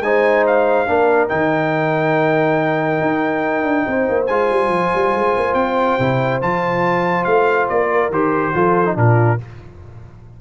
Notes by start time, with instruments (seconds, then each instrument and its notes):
0.00 tuba G#3, trombone D#4, horn C5, trumpet G#5
0.47 trumpet F5
0.87 tuba A#3, trombone D4, horn A#4
1.29 tuba D#3, trombone D#4, trumpet G5
3.01 tuba D#4
3.64 tuba D4
3.87 tuba C4, horn C5
4.09 tuba A#3
4.27 tuba G#3, trombone F4, trumpet G#5
4.50 tuba G3
4.69 tuba F3
4.95 tuba G3
5.15 tuba G#3
5.37 tuba A#3
5.54 tuba C4, trumpet G5
5.99 tuba C3, trombone E4
6.41 tuba F3, trombone F4, trumpet A5
7.24 tuba A3, trumpet F5
7.69 tuba A#3, trumpet D5
7.91 horn A#4
8.10 tuba D#3, trombone G4, trumpet C5
8.54 tuba F3, trombone F4, horn A4
8.85 trombone D#4
8.96 tuba A#2, trombone D4, horn F4, trumpet A#4